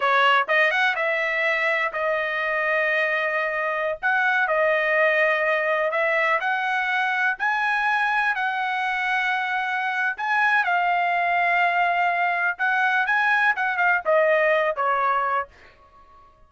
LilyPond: \new Staff \with { instrumentName = "trumpet" } { \time 4/4 \tempo 4 = 124 cis''4 dis''8 fis''8 e''2 | dis''1~ | dis''16 fis''4 dis''2~ dis''8.~ | dis''16 e''4 fis''2 gis''8.~ |
gis''4~ gis''16 fis''2~ fis''8.~ | fis''4 gis''4 f''2~ | f''2 fis''4 gis''4 | fis''8 f''8 dis''4. cis''4. | }